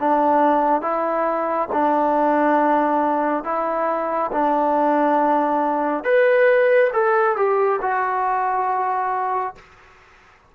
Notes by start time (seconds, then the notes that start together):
0.00 D4
0.82 E4
1.73 D4
3.44 E4
4.32 D4
6.04 B4
6.93 A4
7.37 G4
7.82 F#4